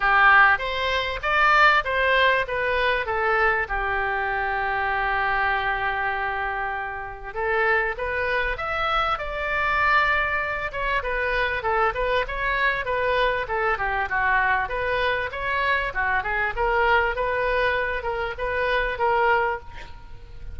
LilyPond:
\new Staff \with { instrumentName = "oboe" } { \time 4/4 \tempo 4 = 98 g'4 c''4 d''4 c''4 | b'4 a'4 g'2~ | g'1 | a'4 b'4 e''4 d''4~ |
d''4. cis''8 b'4 a'8 b'8 | cis''4 b'4 a'8 g'8 fis'4 | b'4 cis''4 fis'8 gis'8 ais'4 | b'4. ais'8 b'4 ais'4 | }